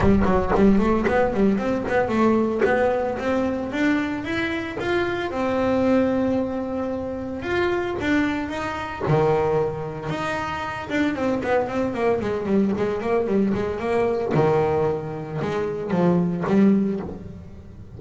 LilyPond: \new Staff \with { instrumentName = "double bass" } { \time 4/4 \tempo 4 = 113 g8 fis8 g8 a8 b8 g8 c'8 b8 | a4 b4 c'4 d'4 | e'4 f'4 c'2~ | c'2 f'4 d'4 |
dis'4 dis2 dis'4~ | dis'8 d'8 c'8 b8 c'8 ais8 gis8 g8 | gis8 ais8 g8 gis8 ais4 dis4~ | dis4 gis4 f4 g4 | }